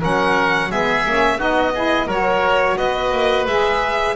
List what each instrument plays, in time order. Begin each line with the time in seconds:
0.00 double bass F#3, saxophone C#4, oboe A#4, violin F#5
0.70 double bass G#3, saxophone B3, oboe G#4, violin E5
1.06 double bass A#3, saxophone C#4
1.38 double bass B3, saxophone D#4, oboe F#4, violin D#5
1.74 saxophone E4, oboe G#4
2.07 double bass F#3, saxophone F#4, oboe A#4, violin C#5
2.78 double bass B3, oboe B4, violin D#5
3.13 double bass A#3
3.47 double bass G#3, saxophone G#4, violin E5